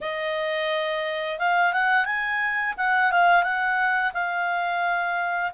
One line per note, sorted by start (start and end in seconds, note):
0.00 1.38 D#5
1.39 1.73 F5
1.73 2.05 F#5
2.05 2.74 G#5
2.77 3.11 F#5
3.11 3.43 F5
3.43 4.12 F#5
4.13 5.51 F5